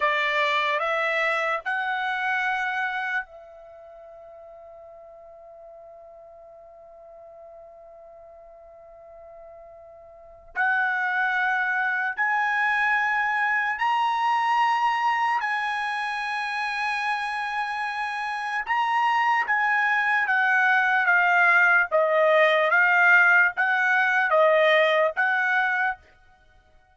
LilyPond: \new Staff \with { instrumentName = "trumpet" } { \time 4/4 \tempo 4 = 74 d''4 e''4 fis''2 | e''1~ | e''1~ | e''4 fis''2 gis''4~ |
gis''4 ais''2 gis''4~ | gis''2. ais''4 | gis''4 fis''4 f''4 dis''4 | f''4 fis''4 dis''4 fis''4 | }